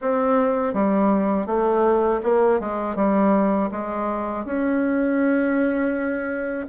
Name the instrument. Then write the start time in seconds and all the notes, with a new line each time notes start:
bassoon
0.01 C4
0.73 G3
1.46 A3
2.23 A#3
2.60 G#3
2.95 G3
3.71 G#3
4.45 C#4